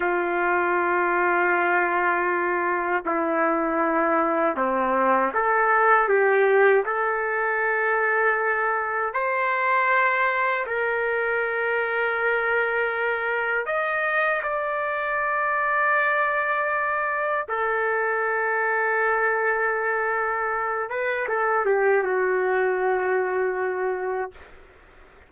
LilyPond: \new Staff \with { instrumentName = "trumpet" } { \time 4/4 \tempo 4 = 79 f'1 | e'2 c'4 a'4 | g'4 a'2. | c''2 ais'2~ |
ais'2 dis''4 d''4~ | d''2. a'4~ | a'2.~ a'8 b'8 | a'8 g'8 fis'2. | }